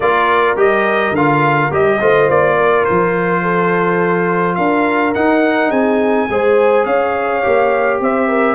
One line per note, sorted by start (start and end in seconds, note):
0.00 0.56 A#3
0.00 0.56 F4
0.00 1.99 A#4
0.00 0.57 D5
0.56 1.11 G3
0.56 1.13 G4
0.56 1.15 D#5
1.11 1.68 D3
1.11 1.71 F4
1.11 1.72 F5
1.71 2.00 G3
1.71 1.99 G4
1.71 2.30 D#5
2.00 2.29 A3
2.00 5.14 F4
2.00 2.56 C5
2.29 2.86 A#3
2.29 2.84 D5
2.56 3.42 A#4
2.84 4.57 F3
2.84 4.55 C5
3.42 4.56 A4
4.55 5.14 D4
4.55 5.70 A#4
4.55 5.12 F5
5.14 6.29 D#4
5.14 5.71 D#4
5.14 5.70 F#5
5.70 6.28 C4
5.70 6.27 G#4
5.70 6.85 G#5
6.28 6.85 G#3
6.28 7.42 G#4
6.28 6.86 C5
6.85 7.42 C#4
6.85 8.00 C#5
6.85 8.00 F5
7.42 8.00 A#3
7.42 8.55 G4
8.00 8.55 C4
8.00 8.28 C5
8.00 8.55 E5
8.28 8.55 A#4